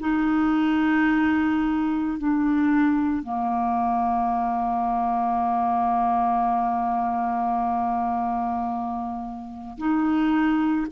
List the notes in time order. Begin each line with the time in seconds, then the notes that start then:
0.00 D#4
2.18 D4
3.23 A#3
9.77 D#4